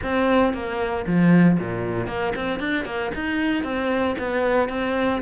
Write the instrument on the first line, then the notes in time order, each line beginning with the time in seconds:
cello
0.03 C4
0.53 A#3
1.06 F3
1.59 A#2
2.07 A#3
2.35 C4
2.59 D4
2.85 A#3
3.14 D#4
3.63 C4
4.18 B3
4.68 C4